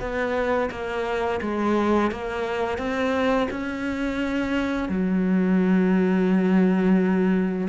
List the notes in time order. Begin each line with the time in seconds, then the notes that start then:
0.00 B3
0.71 A#3
1.41 G#3
2.11 A#3
2.78 C4
3.51 C#4
4.89 F#3